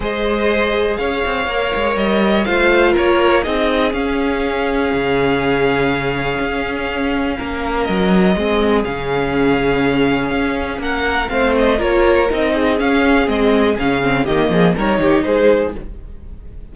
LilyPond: <<
  \new Staff \with { instrumentName = "violin" } { \time 4/4 \tempo 4 = 122 dis''2 f''2 | dis''4 f''4 cis''4 dis''4 | f''1~ | f''1 |
dis''2 f''2~ | f''2 fis''4 f''8 dis''8 | cis''4 dis''4 f''4 dis''4 | f''4 dis''4 cis''4 c''4 | }
  \new Staff \with { instrumentName = "violin" } { \time 4/4 c''2 cis''2~ | cis''4 c''4 ais'4 gis'4~ | gis'1~ | gis'2. ais'4~ |
ais'4 gis'2.~ | gis'2 ais'4 c''4 | ais'4. gis'2~ gis'8~ | gis'4 g'8 gis'8 ais'8 g'8 gis'4 | }
  \new Staff \with { instrumentName = "viola" } { \time 4/4 gis'2. ais'4~ | ais'4 f'2 dis'4 | cis'1~ | cis'1~ |
cis'4 c'4 cis'2~ | cis'2. c'4 | f'4 dis'4 cis'4 c'4 | cis'8 c'8 ais4 dis'2 | }
  \new Staff \with { instrumentName = "cello" } { \time 4/4 gis2 cis'8 c'8 ais8 gis8 | g4 a4 ais4 c'4 | cis'2 cis2~ | cis4 cis'2 ais4 |
fis4 gis4 cis2~ | cis4 cis'4 ais4 a4 | ais4 c'4 cis'4 gis4 | cis4 dis8 f8 g8 dis8 gis4 | }
>>